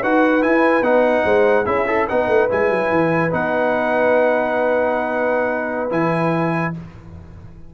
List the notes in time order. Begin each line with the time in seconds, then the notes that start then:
0.00 D#4 F#4 B4 F#5
0.41 E4 G#5
0.81 B3 D#4 F#5
1.24 G#3 C5
1.65 C#4 E4 G#4 E5
1.85 E4 A4
2.07 B3 D#4 B4 F#5
2.27 A3
2.49 G#3 E4 G#5
2.70 F#3
2.90 E3
3.31 B3 D#4 F#5
5.90 E3 E4 G#5